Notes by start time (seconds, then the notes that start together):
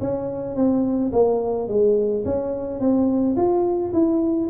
0.00 C#4
0.55 C4
1.12 A#3
1.68 G#3
2.25 C#4
2.80 C4
3.36 F4
3.93 E4